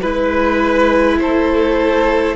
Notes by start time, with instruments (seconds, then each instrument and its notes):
0.00 cello G#3, viola E4, violin B4
1.19 cello A3, violin A4 C5